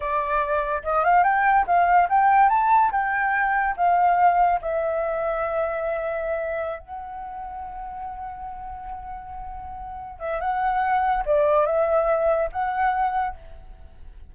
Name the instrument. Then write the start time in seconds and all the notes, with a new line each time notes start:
flute
0.00 D5
0.83 D#5
1.04 F5
1.23 G5
1.66 F5
2.09 G5
2.49 A5
2.91 G5
3.76 F5
4.61 E5
6.79 F#5
10.19 E5
10.40 F#5
11.25 D5
11.66 E5
12.52 F#5